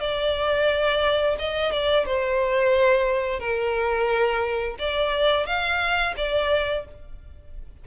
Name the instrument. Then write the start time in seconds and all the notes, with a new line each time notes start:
violin
0.00 D5
1.39 D#5
1.72 D5
2.05 C5
3.39 A#4
4.79 D5
5.46 F5
6.16 D5